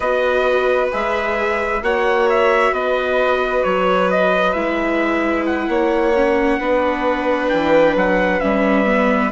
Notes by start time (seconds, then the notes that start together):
0.00 B3 F#4 B4 D#5
0.91 G#3 G#4 E5
1.82 A#3 F#4 C#5 F#5
2.29 E5
2.71 B3 B4 D#5
3.63 F#3 C#5
4.10 D#5
4.53 G#3 E4 E5
5.45 F#5
5.68 A#3 C#5
6.15 C#4
6.59 B3 D4 B4
7.49 E3 G5
7.95 F#3 F#5
8.40 G3 C#4 E5
8.85 B3